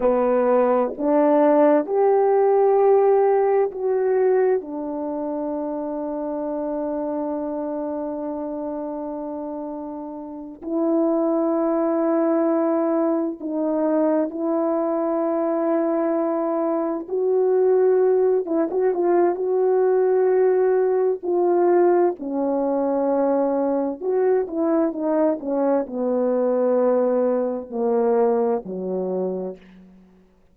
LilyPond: \new Staff \with { instrumentName = "horn" } { \time 4/4 \tempo 4 = 65 b4 d'4 g'2 | fis'4 d'2.~ | d'2.~ d'8 e'8~ | e'2~ e'8 dis'4 e'8~ |
e'2~ e'8 fis'4. | e'16 fis'16 f'8 fis'2 f'4 | cis'2 fis'8 e'8 dis'8 cis'8 | b2 ais4 fis4 | }